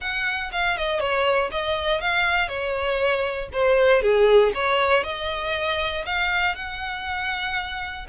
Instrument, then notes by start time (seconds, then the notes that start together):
violin
0.00 F#5
0.52 F5
0.77 D#5
0.99 C#5
1.51 D#5
2.00 F5
2.48 C#5
3.52 C5
4.02 G#4
4.54 C#5
5.03 D#5
6.05 F5
6.55 F#5